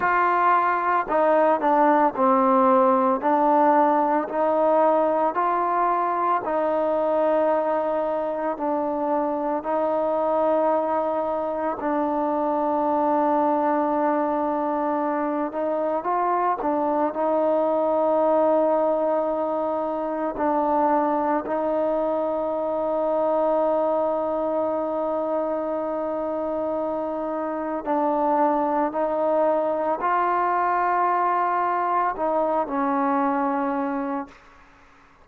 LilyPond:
\new Staff \with { instrumentName = "trombone" } { \time 4/4 \tempo 4 = 56 f'4 dis'8 d'8 c'4 d'4 | dis'4 f'4 dis'2 | d'4 dis'2 d'4~ | d'2~ d'8 dis'8 f'8 d'8 |
dis'2. d'4 | dis'1~ | dis'2 d'4 dis'4 | f'2 dis'8 cis'4. | }